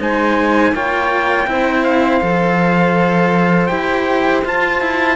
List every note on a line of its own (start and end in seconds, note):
0.00 0.72 G#3
0.00 0.74 D#4
0.00 0.74 C5
0.00 0.76 G#5
0.72 1.46 A#3
0.72 1.48 F4
0.72 1.48 C#5
0.72 1.84 G5
1.48 2.22 C4
1.48 2.21 E4
1.48 5.17 C5
1.84 3.67 F5
2.21 3.71 F3
2.21 3.69 A4
3.67 4.45 E4
3.67 4.44 G4
3.67 4.41 G5
4.45 4.81 F4
4.45 5.17 F4
4.45 5.17 A5
4.81 5.17 E4